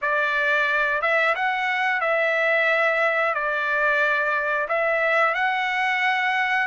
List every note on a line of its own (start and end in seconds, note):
0.01 1.01 D5
1.01 1.35 E5
1.35 2.01 F#5
2.01 3.34 E5
3.34 4.67 D5
4.68 5.34 E5
5.34 6.67 F#5